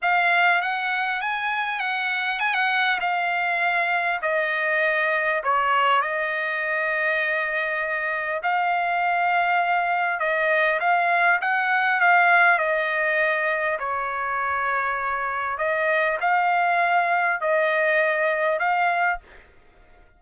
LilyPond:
\new Staff \with { instrumentName = "trumpet" } { \time 4/4 \tempo 4 = 100 f''4 fis''4 gis''4 fis''4 | gis''16 fis''8. f''2 dis''4~ | dis''4 cis''4 dis''2~ | dis''2 f''2~ |
f''4 dis''4 f''4 fis''4 | f''4 dis''2 cis''4~ | cis''2 dis''4 f''4~ | f''4 dis''2 f''4 | }